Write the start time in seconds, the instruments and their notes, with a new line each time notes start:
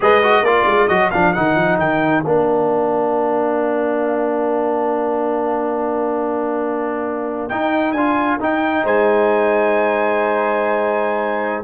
0.00 tuba G#3, trombone G#4, horn B4, trumpet D#5
0.23 trombone F#4
0.42 tuba A#3, trombone F4, horn A#4, trumpet D5
0.65 tuba G#3
0.87 tuba F#3, trombone F#4, trumpet D#5
1.10 tuba F3, trombone D4, trumpet F5
1.33 tuba D#3, trombone D#4, trumpet F#5
1.55 tuba F3
1.78 tuba D#3, trumpet G5
2.23 tuba A#3, trombone D4, trumpet F5
7.48 trombone D#4, tuba D#4, trumpet G5
7.92 tuba D4, trombone F4, trumpet G#5
8.40 trombone D#4, tuba D#4, trumpet G5
8.84 tuba G#3, horn C5, trumpet G#5